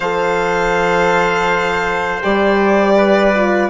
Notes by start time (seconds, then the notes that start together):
0.00 F3 A4 C5 F5
2.22 G3 G4 D5
2.96 B4
3.34 F4